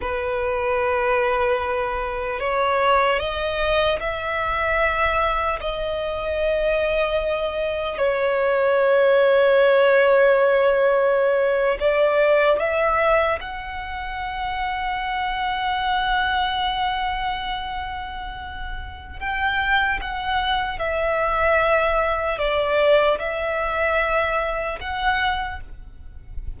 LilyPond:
\new Staff \with { instrumentName = "violin" } { \time 4/4 \tempo 4 = 75 b'2. cis''4 | dis''4 e''2 dis''4~ | dis''2 cis''2~ | cis''2~ cis''8. d''4 e''16~ |
e''8. fis''2.~ fis''16~ | fis''1 | g''4 fis''4 e''2 | d''4 e''2 fis''4 | }